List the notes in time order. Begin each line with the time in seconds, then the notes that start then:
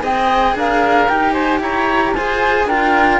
0.00 C4 G#4 D#5 G5
0.55 D4 A#4 F5
1.08 D#4 G4 G5
1.32 C5 G#5
1.60 E4 C#5 A#5
2.14 F4 G#4 C5 G#5
2.65 D4 F4 A#4 G5